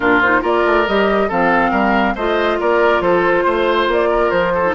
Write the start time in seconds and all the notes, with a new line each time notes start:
0.00 A#2 D4 F4 A#4
0.21 D#4 C5
0.41 A#3 F4 A#4 D5
0.65 A3
0.87 G3 G4 D#5
1.28 F3 C4 A4 F5
1.70 G3 A#4
2.15 A3 F4 C5 D#5
2.59 A#3 A#4 D5
3.00 F3 A4 C5
3.44 A3 C5
3.87 A#3 D5
4.10 A#4
4.30 F3 C5
4.54 A4
4.65 D#4